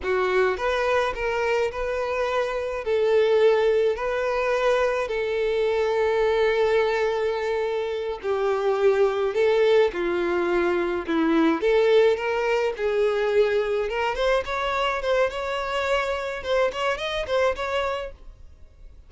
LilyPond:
\new Staff \with { instrumentName = "violin" } { \time 4/4 \tempo 4 = 106 fis'4 b'4 ais'4 b'4~ | b'4 a'2 b'4~ | b'4 a'2.~ | a'2~ a'8 g'4.~ |
g'8 a'4 f'2 e'8~ | e'8 a'4 ais'4 gis'4.~ | gis'8 ais'8 c''8 cis''4 c''8 cis''4~ | cis''4 c''8 cis''8 dis''8 c''8 cis''4 | }